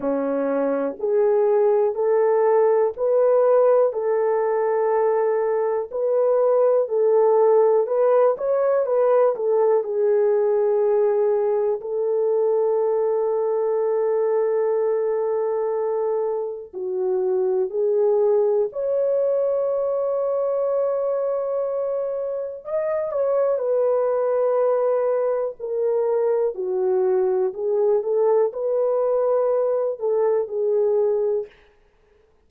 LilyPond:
\new Staff \with { instrumentName = "horn" } { \time 4/4 \tempo 4 = 61 cis'4 gis'4 a'4 b'4 | a'2 b'4 a'4 | b'8 cis''8 b'8 a'8 gis'2 | a'1~ |
a'4 fis'4 gis'4 cis''4~ | cis''2. dis''8 cis''8 | b'2 ais'4 fis'4 | gis'8 a'8 b'4. a'8 gis'4 | }